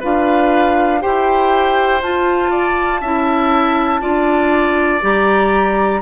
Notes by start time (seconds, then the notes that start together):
0.00 D4 F4 B4 F5
1.00 E4 G4 C5 G5
2.02 F4 A5
2.50 D5
3.01 C#4 E4 E5
4.00 D4 F4 D5
5.01 G3 G4 A#5